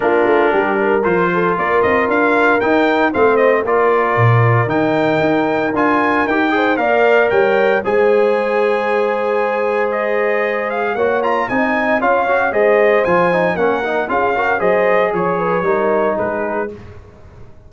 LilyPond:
<<
  \new Staff \with { instrumentName = "trumpet" } { \time 4/4 \tempo 4 = 115 ais'2 c''4 d''8 dis''8 | f''4 g''4 f''8 dis''8 d''4~ | d''4 g''2 gis''4 | g''4 f''4 g''4 gis''4~ |
gis''2. dis''4~ | dis''8 f''8 fis''8 ais''8 gis''4 f''4 | dis''4 gis''4 fis''4 f''4 | dis''4 cis''2 b'4 | }
  \new Staff \with { instrumentName = "horn" } { \time 4/4 f'4 g'8 ais'4 a'8 ais'4~ | ais'2 c''4 ais'4~ | ais'1~ | ais'8 c''8 d''4 cis''4 c''4~ |
c''1~ | c''4 cis''4 dis''4 cis''4 | c''2 ais'4 gis'8 ais'8 | c''4 cis''8 b'8 ais'4 gis'4 | }
  \new Staff \with { instrumentName = "trombone" } { \time 4/4 d'2 f'2~ | f'4 dis'4 c'4 f'4~ | f'4 dis'2 f'4 | g'8 gis'8 ais'2 gis'4~ |
gis'1~ | gis'4 fis'8 f'8 dis'4 f'8 fis'8 | gis'4 f'8 dis'8 cis'8 dis'8 f'8 fis'8 | gis'2 dis'2 | }
  \new Staff \with { instrumentName = "tuba" } { \time 4/4 ais8 a8 g4 f4 ais8 c'8 | d'4 dis'4 a4 ais4 | ais,4 dis4 dis'4 d'4 | dis'4 ais4 g4 gis4~ |
gis1~ | gis4 ais4 c'4 cis'4 | gis4 f4 ais4 cis'4 | fis4 f4 g4 gis4 | }
>>